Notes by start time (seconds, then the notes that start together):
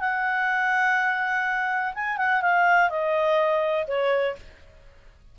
0.00 F#5
1.94 G#5
2.17 F#5
2.42 F5
2.90 D#5
3.87 C#5